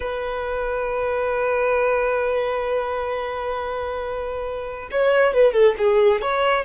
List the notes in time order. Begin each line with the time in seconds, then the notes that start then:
0.00 B4
4.91 C#5
5.33 B4
5.53 A4
5.78 G#4
6.21 C#5